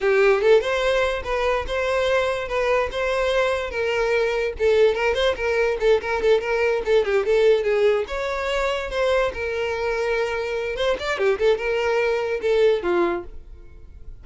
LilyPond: \new Staff \with { instrumentName = "violin" } { \time 4/4 \tempo 4 = 145 g'4 a'8 c''4. b'4 | c''2 b'4 c''4~ | c''4 ais'2 a'4 | ais'8 c''8 ais'4 a'8 ais'8 a'8 ais'8~ |
ais'8 a'8 g'8 a'4 gis'4 cis''8~ | cis''4. c''4 ais'4.~ | ais'2 c''8 d''8 g'8 a'8 | ais'2 a'4 f'4 | }